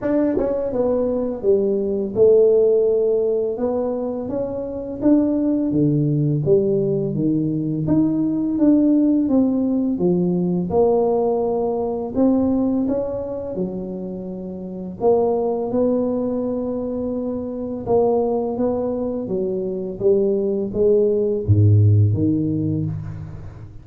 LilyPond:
\new Staff \with { instrumentName = "tuba" } { \time 4/4 \tempo 4 = 84 d'8 cis'8 b4 g4 a4~ | a4 b4 cis'4 d'4 | d4 g4 dis4 dis'4 | d'4 c'4 f4 ais4~ |
ais4 c'4 cis'4 fis4~ | fis4 ais4 b2~ | b4 ais4 b4 fis4 | g4 gis4 gis,4 dis4 | }